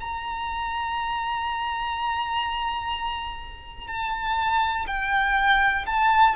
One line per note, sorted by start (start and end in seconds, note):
0.00 3.87 A#5
3.87 4.86 A5
4.87 5.85 G5
5.86 6.35 A5